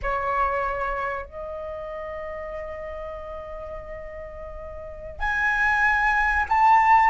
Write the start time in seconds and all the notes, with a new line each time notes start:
0.02 C#5
1.26 D#5
5.19 G#5
6.49 A5